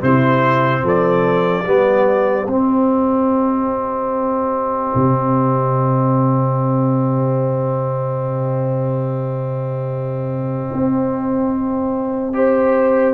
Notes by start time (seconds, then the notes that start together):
0.00 C3 C4 E4 C5
0.83 F3 A4 D5
1.65 G3 B3 G4
2.47 C4 D#5
4.95 C3
10.73 C4
12.34 G4 C5